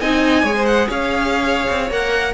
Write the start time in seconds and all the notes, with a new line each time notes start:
0.00 C4 D#4 D#5 G#5
0.44 G#3 G#4 C#5
0.56 C5
0.66 F#5
0.88 C#4 C#5 F5
1.70 C4
1.90 A#3 A#4 F#5